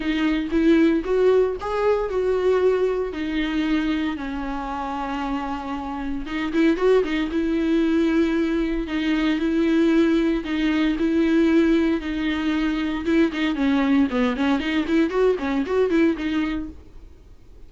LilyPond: \new Staff \with { instrumentName = "viola" } { \time 4/4 \tempo 4 = 115 dis'4 e'4 fis'4 gis'4 | fis'2 dis'2 | cis'1 | dis'8 e'8 fis'8 dis'8 e'2~ |
e'4 dis'4 e'2 | dis'4 e'2 dis'4~ | dis'4 e'8 dis'8 cis'4 b8 cis'8 | dis'8 e'8 fis'8 cis'8 fis'8 e'8 dis'4 | }